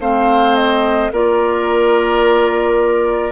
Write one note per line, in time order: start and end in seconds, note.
0.00 1.11 A3
0.00 1.12 C4
0.00 1.12 C5
0.00 0.56 F5
0.56 1.11 D#5
1.11 3.32 A#3
1.11 3.32 F4
1.11 3.32 A#4
1.11 3.32 D5